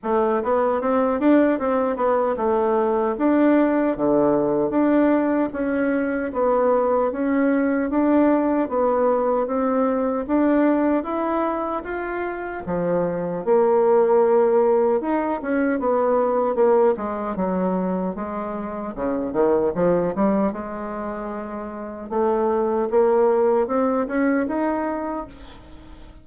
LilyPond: \new Staff \with { instrumentName = "bassoon" } { \time 4/4 \tempo 4 = 76 a8 b8 c'8 d'8 c'8 b8 a4 | d'4 d4 d'4 cis'4 | b4 cis'4 d'4 b4 | c'4 d'4 e'4 f'4 |
f4 ais2 dis'8 cis'8 | b4 ais8 gis8 fis4 gis4 | cis8 dis8 f8 g8 gis2 | a4 ais4 c'8 cis'8 dis'4 | }